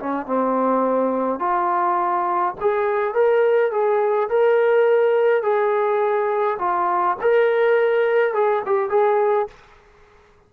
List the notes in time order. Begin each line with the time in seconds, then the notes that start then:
0.00 C#4
0.27 C4
1.40 F4
2.61 G#4
3.15 A#4
3.72 G#4
4.30 A#4
5.43 G#4
6.60 F4
7.22 A#4
8.34 G#4
8.66 G4
8.90 G#4